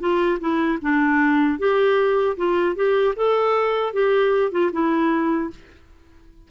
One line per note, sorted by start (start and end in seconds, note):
0.00 0.39 F4
0.40 0.79 E4
0.81 1.59 D4
1.59 2.37 G4
2.37 2.76 F4
2.76 3.15 G4
3.16 3.93 A4
3.93 4.52 G4
4.52 4.71 F4
4.72 5.50 E4